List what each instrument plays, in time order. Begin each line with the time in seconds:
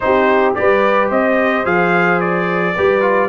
0.00 tuba C4, trombone D#4, horn G4, trumpet C5
0.54 tuba G3, trombone G4, horn B4, trumpet D5
1.08 tuba C4, horn C5, trumpet D#5
1.64 tuba F3, trombone G#4, trumpet F5
2.20 trumpet D5
2.74 tuba G3, trombone G4, horn B4
3.01 trombone F4